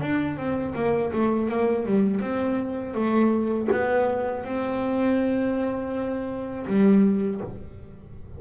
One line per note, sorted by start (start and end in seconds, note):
0.00 0.36 D4
0.36 0.73 C4
0.74 1.11 A#3
1.12 1.48 A3
1.48 1.85 A#3
1.85 2.20 G3
2.20 2.94 C4
2.94 3.68 A3
3.71 4.43 B3
4.43 6.66 C4
6.66 7.40 G3